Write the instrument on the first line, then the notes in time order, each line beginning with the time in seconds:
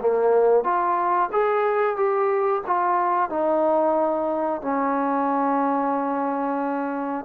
trombone
0.00 A#3
0.64 F4
1.32 G#4
1.96 G4
2.67 F4
3.30 D#4
4.62 C#4